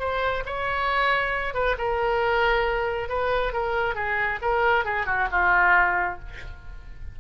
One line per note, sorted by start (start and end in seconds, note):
0.00 0.44 C5
0.46 1.54 C#5
1.54 1.76 B4
1.78 3.09 A#4
3.09 3.54 B4
3.54 3.95 A#4
3.95 4.40 G#4
4.42 4.85 A#4
4.85 5.06 G#4
5.06 5.28 F#4
5.32 6.20 F4